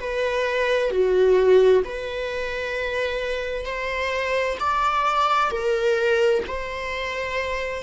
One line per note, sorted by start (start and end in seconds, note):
0.00 0.91 B4
0.91 1.83 F#4
1.85 3.65 B4
3.65 4.58 C5
4.60 5.51 D5
5.51 6.44 A#4
6.47 7.83 C5